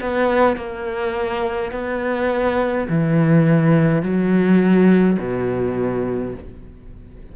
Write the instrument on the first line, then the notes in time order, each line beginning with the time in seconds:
cello
0.00 B3
0.57 A#3
1.72 B3
2.88 E3
4.02 F#3
5.19 B2